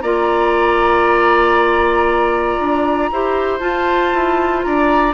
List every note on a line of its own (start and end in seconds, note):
0.00 2.59 A#3
0.00 3.11 F4
0.00 3.10 D5
0.00 3.59 A#5
2.59 3.10 D4
3.11 3.60 E4
3.11 3.59 G4
3.11 4.65 C5
3.59 5.13 F4
3.59 4.11 F4
3.59 4.61 A5
4.13 4.65 E4
4.62 5.14 D4
4.62 5.14 D5
4.62 5.13 A#5